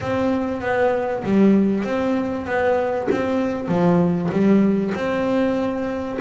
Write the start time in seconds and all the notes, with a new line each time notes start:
0.01 C4
0.61 B3
1.23 G3
1.84 C4
2.46 B3
3.11 C4
3.67 F3
4.31 G3
4.95 C4